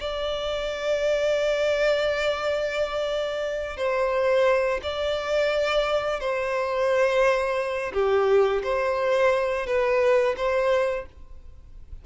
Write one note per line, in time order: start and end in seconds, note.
0.00 3.77 D5
3.77 4.80 C5
4.82 6.20 D5
6.20 7.92 C5
7.93 8.62 G4
8.63 9.66 C5
9.66 10.35 B4
10.36 11.05 C5